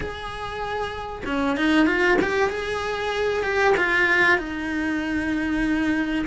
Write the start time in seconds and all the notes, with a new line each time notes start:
0.00 G#4
1.25 C#4
1.57 D#4
1.86 F4
2.21 G4
2.49 G#4
3.43 G4
3.77 F4
4.38 D#4